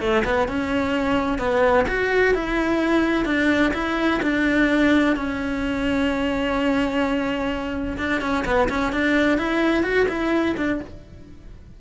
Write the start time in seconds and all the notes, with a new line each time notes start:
0.00 A3
0.25 B3
0.48 C#4
1.38 B3
1.88 F#4
2.34 E4
3.25 D4
3.74 E4
4.22 D4
5.16 C#4
7.98 D4
8.21 C#4
8.45 B3
8.69 C#4
8.92 D4
9.38 E4
9.83 F#4
10.08 E4
10.57 D4